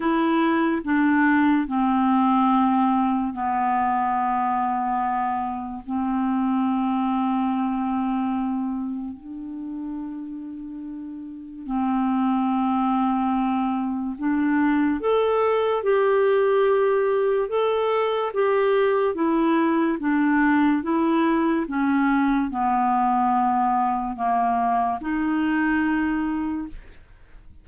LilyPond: \new Staff \with { instrumentName = "clarinet" } { \time 4/4 \tempo 4 = 72 e'4 d'4 c'2 | b2. c'4~ | c'2. d'4~ | d'2 c'2~ |
c'4 d'4 a'4 g'4~ | g'4 a'4 g'4 e'4 | d'4 e'4 cis'4 b4~ | b4 ais4 dis'2 | }